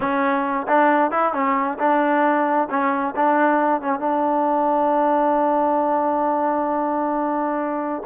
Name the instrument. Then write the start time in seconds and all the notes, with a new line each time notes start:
trombone
0.00 C#4
0.68 D4
1.11 E4
1.33 C#4
1.78 D4
2.69 C#4
3.16 D4
3.81 C#4
3.99 D4